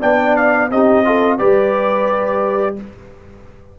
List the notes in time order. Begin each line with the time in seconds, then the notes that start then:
0.00 B3 D4 D5 G5
0.36 F5
0.71 C4 D#4 G4 D#5
1.05 F4 A4
1.38 G3 G4 B4 D5